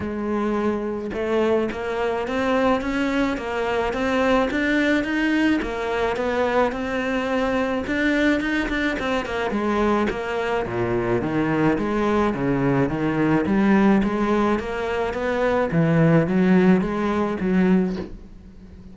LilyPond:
\new Staff \with { instrumentName = "cello" } { \time 4/4 \tempo 4 = 107 gis2 a4 ais4 | c'4 cis'4 ais4 c'4 | d'4 dis'4 ais4 b4 | c'2 d'4 dis'8 d'8 |
c'8 ais8 gis4 ais4 ais,4 | dis4 gis4 cis4 dis4 | g4 gis4 ais4 b4 | e4 fis4 gis4 fis4 | }